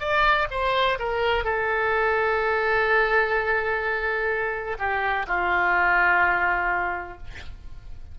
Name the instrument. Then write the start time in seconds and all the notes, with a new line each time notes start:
oboe
0.00 D5
0.51 C5
0.99 A#4
1.44 A4
4.78 G4
5.27 F4